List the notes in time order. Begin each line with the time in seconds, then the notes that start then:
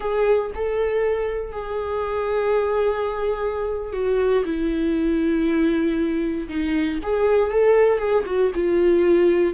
0.00 G#4
0.54 A4
1.52 G#4
3.92 F#4
4.44 E4
6.48 D#4
7.02 G#4
7.51 A4
7.98 G#4
8.26 F#4
8.54 F4